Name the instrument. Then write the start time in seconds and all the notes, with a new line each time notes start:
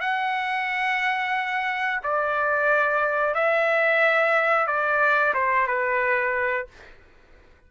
trumpet
0.00 F#5
2.03 D5
3.34 E5
4.67 D5
5.34 C5
5.67 B4